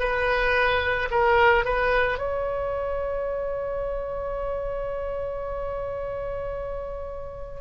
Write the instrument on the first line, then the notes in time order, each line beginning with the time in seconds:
oboe
0.00 B4
1.11 A#4
1.65 B4
2.19 C#5